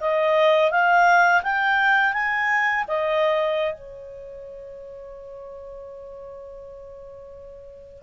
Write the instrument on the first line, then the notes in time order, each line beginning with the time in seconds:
clarinet
0.00 D#5
0.71 F5
1.43 G5
2.13 G#5
2.88 D#5
3.74 C#5